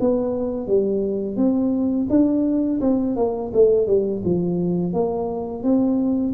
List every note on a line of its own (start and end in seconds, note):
0.00 0.67 B3
0.67 1.36 G3
1.36 2.07 C4
2.10 2.80 D4
2.81 3.16 C4
3.16 3.52 A#3
3.54 3.87 A3
3.87 4.22 G3
4.24 4.93 F3
4.93 5.63 A#3
5.63 6.34 C4